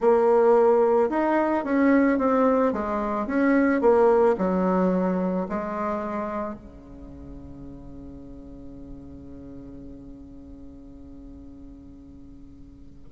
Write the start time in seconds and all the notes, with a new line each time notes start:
0.00 A#3
1.09 D#4
1.64 C#4
2.18 C4
2.72 G#3
3.26 C#4
3.81 A#3
4.38 F#3
5.48 G#3
6.54 C#3